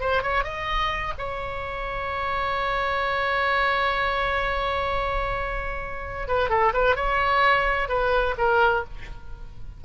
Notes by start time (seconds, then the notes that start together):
0.00 C5
0.23 C#5
0.44 D#5
1.18 C#5
6.28 B4
6.49 A4
6.73 B4
6.96 C#5
7.89 B4
8.38 A#4